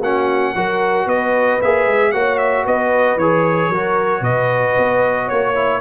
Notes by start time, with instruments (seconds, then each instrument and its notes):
0.00 tuba A#3, trombone C#4, horn F#4, trumpet F#5
0.55 tuba F#3, trombone F#4, horn A#4
1.06 tuba B3, horn B4, trumpet D#5
1.62 tuba A#3, trombone G#4, trumpet E5
1.87 tuba G#3
2.12 tuba A#3, trombone F#4, horn C#5, trumpet F#5
2.38 trumpet E5
2.65 tuba B3, horn B4, trumpet D#5
3.16 tuba E3, trombone G#4, trumpet C#5
3.69 tuba F#3, trombone F#4, horn A#4
4.21 tuba B2, horn B4, trumpet D#5
4.78 tuba B3
5.25 tuba A#3, horn C#5, trumpet C#5
5.55 trombone E4